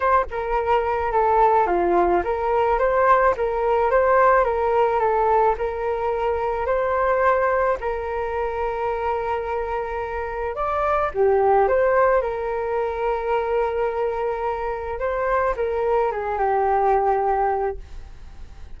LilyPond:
\new Staff \with { instrumentName = "flute" } { \time 4/4 \tempo 4 = 108 c''8 ais'4. a'4 f'4 | ais'4 c''4 ais'4 c''4 | ais'4 a'4 ais'2 | c''2 ais'2~ |
ais'2. d''4 | g'4 c''4 ais'2~ | ais'2. c''4 | ais'4 gis'8 g'2~ g'8 | }